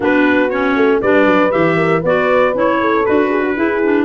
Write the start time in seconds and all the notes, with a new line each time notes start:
0.00 B3 D4 F#4 B4
0.50 C#4 C#5
0.76 A3
1.01 G3 D4 B4 D5
1.26 F#3
1.50 E3 G4 E5
1.76 A#4
2.00 B3 F#4 B4 D5
2.53 C#4 E4 C#5
2.80 A4
3.05 D4 F#4 B4
3.29 G#4
3.42 F#4
3.55 E4 G#4
3.83 D4